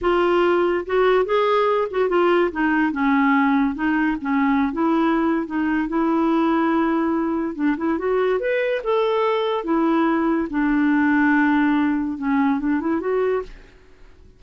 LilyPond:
\new Staff \with { instrumentName = "clarinet" } { \time 4/4 \tempo 4 = 143 f'2 fis'4 gis'4~ | gis'8 fis'8 f'4 dis'4 cis'4~ | cis'4 dis'4 cis'4~ cis'16 e'8.~ | e'4 dis'4 e'2~ |
e'2 d'8 e'8 fis'4 | b'4 a'2 e'4~ | e'4 d'2.~ | d'4 cis'4 d'8 e'8 fis'4 | }